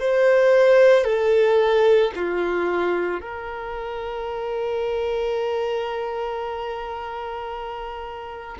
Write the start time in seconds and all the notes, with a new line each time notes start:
0.00 C5
1.04 A4
2.15 F4
3.21 A#4